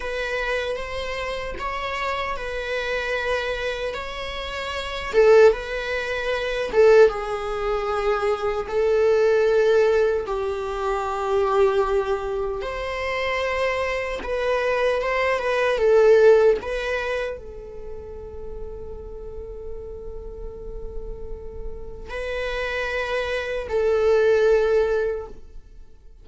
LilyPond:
\new Staff \with { instrumentName = "viola" } { \time 4/4 \tempo 4 = 76 b'4 c''4 cis''4 b'4~ | b'4 cis''4. a'8 b'4~ | b'8 a'8 gis'2 a'4~ | a'4 g'2. |
c''2 b'4 c''8 b'8 | a'4 b'4 a'2~ | a'1 | b'2 a'2 | }